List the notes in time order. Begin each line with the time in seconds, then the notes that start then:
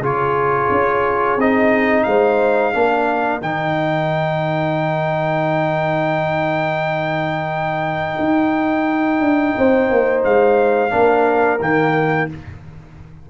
0.00 C#3 F4 G#4 C#5
0.71 C#4
1.37 C4 D#4 D#5
2.04 G#3 C5 F5
2.74 A#3 D4 A#4
3.42 D#3 D#4 G5
8.19 D#4
9.21 D4
9.58 C4 C5
9.90 A#3
10.25 G#3 F5
10.91 A#3 D4 A#4
11.61 D#3 A#3 G5